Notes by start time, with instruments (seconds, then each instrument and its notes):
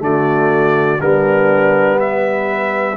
0.00 tuba D3, trombone A3, horn F#4, trumpet D5
1.01 tuba G3, trombone B3, horn D4, trumpet A#4
1.99 horn B4, trumpet E5